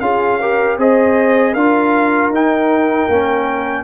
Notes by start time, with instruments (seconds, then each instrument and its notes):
0.00 tuba C#4, trombone F4, horn G#4, trumpet F5
0.41 trombone G4, horn A#4
0.78 tuba C4, trombone G#4, horn C5, trumpet D#5
1.53 tuba D4, trombone F4, horn A#4, trumpet F5
2.29 tuba D#4, trombone D#4, trumpet G5
3.08 tuba A#3, trombone C#4